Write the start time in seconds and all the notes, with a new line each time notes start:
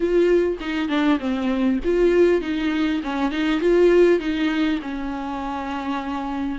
0.00 F4
0.60 D#4
0.88 D4
1.19 C4
1.84 F4
2.41 D#4
3.03 C#4
3.31 D#4
3.60 F4
4.19 D#4
4.82 C#4